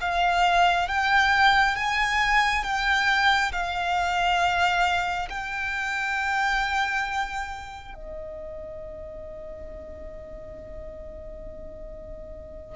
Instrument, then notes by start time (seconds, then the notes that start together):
violin
0.00 F5
0.88 G5
1.75 G#5
2.63 G5
3.52 F5
5.29 G5
7.94 D#5